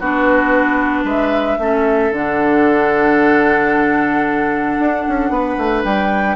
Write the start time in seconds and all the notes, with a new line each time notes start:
0.00 B3 D4 F#4 B4
1.04 G#3 B4 E5
1.59 A3 C#4 A4
2.12 D3 D4 F#5
4.79 D4
5.09 C#4
5.30 B3 B4
5.58 A3
5.84 G3 G5